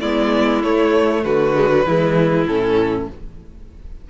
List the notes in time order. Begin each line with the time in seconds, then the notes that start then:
0.00 G#3 B3 E4 D5
0.63 A3 C#5
1.23 D3 F#4 B4
1.54 G#3
1.70 F#3
1.85 E3 G#3 E4
2.46 A2 C#4 A4